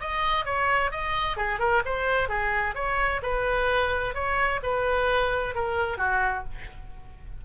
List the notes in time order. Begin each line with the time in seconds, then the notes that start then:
0.00 D#5
0.45 C#5
0.91 D#5
1.36 G#4
1.59 A#4
1.85 C5
2.29 G#4
2.75 C#5
3.22 B4
4.14 C#5
4.63 B4
5.54 A#4
5.97 F#4